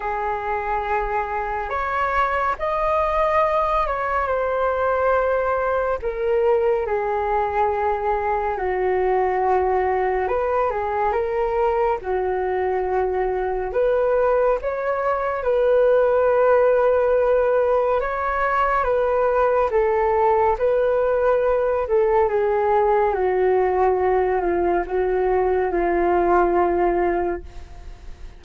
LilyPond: \new Staff \with { instrumentName = "flute" } { \time 4/4 \tempo 4 = 70 gis'2 cis''4 dis''4~ | dis''8 cis''8 c''2 ais'4 | gis'2 fis'2 | b'8 gis'8 ais'4 fis'2 |
b'4 cis''4 b'2~ | b'4 cis''4 b'4 a'4 | b'4. a'8 gis'4 fis'4~ | fis'8 f'8 fis'4 f'2 | }